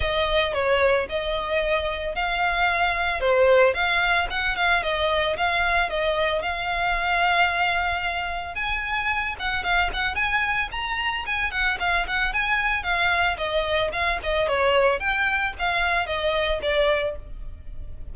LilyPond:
\new Staff \with { instrumentName = "violin" } { \time 4/4 \tempo 4 = 112 dis''4 cis''4 dis''2 | f''2 c''4 f''4 | fis''8 f''8 dis''4 f''4 dis''4 | f''1 |
gis''4. fis''8 f''8 fis''8 gis''4 | ais''4 gis''8 fis''8 f''8 fis''8 gis''4 | f''4 dis''4 f''8 dis''8 cis''4 | g''4 f''4 dis''4 d''4 | }